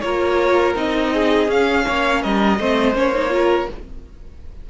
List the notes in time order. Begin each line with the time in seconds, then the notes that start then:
0.00 A#3 F4 A#4 C#5
0.75 C4 D#4 D#5
1.13 G#4
1.47 C#4 F5
1.86 A#3 C#5
2.22 G3 A#4 D#5
2.59 A3 C4 C5
2.94 A#3 C#4 C#5
3.15 D#4
3.29 F4 A#4